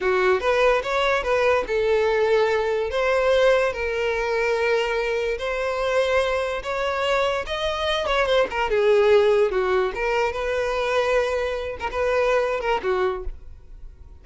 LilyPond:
\new Staff \with { instrumentName = "violin" } { \time 4/4 \tempo 4 = 145 fis'4 b'4 cis''4 b'4 | a'2. c''4~ | c''4 ais'2.~ | ais'4 c''2. |
cis''2 dis''4. cis''8 | c''8 ais'8 gis'2 fis'4 | ais'4 b'2.~ | b'8 ais'16 b'4.~ b'16 ais'8 fis'4 | }